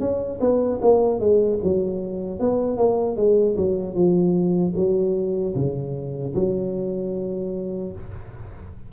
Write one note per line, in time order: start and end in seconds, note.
0.00 0.39 C#4
0.41 0.80 B3
0.81 1.19 A#3
1.19 1.59 G#3
1.63 2.39 F#3
2.39 2.77 B3
2.77 3.16 A#3
3.16 3.56 G#3
3.57 3.95 F#3
3.95 4.74 F3
4.75 5.54 F#3
5.55 6.34 C#3
6.34 7.92 F#3